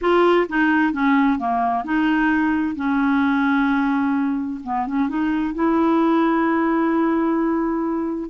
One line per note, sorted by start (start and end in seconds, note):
0.01 0.47 F4
0.48 0.92 D#4
0.92 1.38 C#4
1.38 1.84 A#3
1.84 2.75 D#4
2.75 4.60 C#4
4.63 4.86 B3
4.86 5.08 C#4
5.08 5.54 D#4
5.54 8.30 E4